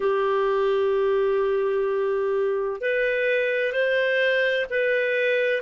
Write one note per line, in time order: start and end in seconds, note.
0.00 2.80 G4
2.80 3.72 B4
3.72 4.66 C5
4.70 5.61 B4